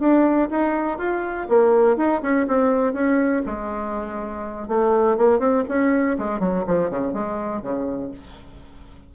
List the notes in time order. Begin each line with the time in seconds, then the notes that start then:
0.00 D4
0.51 D#4
0.98 F4
1.49 A#3
1.97 D#4
2.22 C#4
2.48 C4
2.94 C#4
3.46 G#3
4.69 A3
5.18 A#3
5.40 C4
5.69 C#4
6.19 G#3
6.40 F#3
6.67 F3
6.90 C#3
7.14 G#3
7.62 C#3